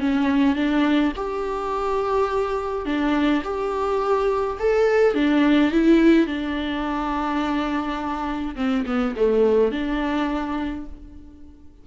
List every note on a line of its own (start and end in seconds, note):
0.00 0.55 C#4
0.55 1.12 D4
1.16 2.86 G4
2.86 3.43 D4
3.44 4.58 G4
4.59 5.15 A4
5.15 5.72 D4
5.72 6.27 E4
6.27 8.55 D4
8.56 8.84 C4
8.86 9.15 B3
9.16 9.72 A3
9.72 10.86 D4